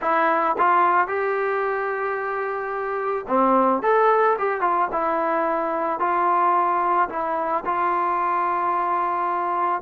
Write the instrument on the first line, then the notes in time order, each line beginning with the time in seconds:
trombone
0.01 E4
0.58 F4
1.07 G4
3.28 C4
3.82 A4
4.38 G4
4.61 F4
4.91 E4
5.99 F4
7.09 E4
7.65 F4